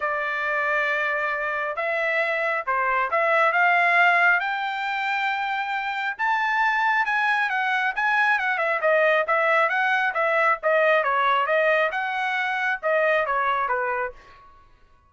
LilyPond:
\new Staff \with { instrumentName = "trumpet" } { \time 4/4 \tempo 4 = 136 d''1 | e''2 c''4 e''4 | f''2 g''2~ | g''2 a''2 |
gis''4 fis''4 gis''4 fis''8 e''8 | dis''4 e''4 fis''4 e''4 | dis''4 cis''4 dis''4 fis''4~ | fis''4 dis''4 cis''4 b'4 | }